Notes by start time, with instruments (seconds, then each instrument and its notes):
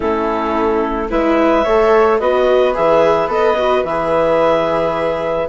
0.00 bassoon A3, viola C#4, flute E4, clarinet A4
1.09 bassoon G#3, viola E4, flute B4, clarinet E5
1.64 bassoon A3, viola A4, flute C#5
2.19 bassoon B3, viola F#4, flute B4, clarinet D#5
2.74 bassoon E3, viola G#4, clarinet E5
3.27 bassoon B3, viola A4, clarinet D#5
3.57 viola F#4
3.83 bassoon E3, viola G#4, clarinet E5